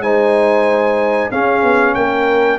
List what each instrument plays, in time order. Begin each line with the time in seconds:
0.00 tuba G#3, trombone D#4, horn C5, trumpet G#5
1.31 tuba C#4, trombone C#4, horn G#4, trumpet F5
1.63 tuba B3
1.95 tuba A#3, horn A#4, trumpet G5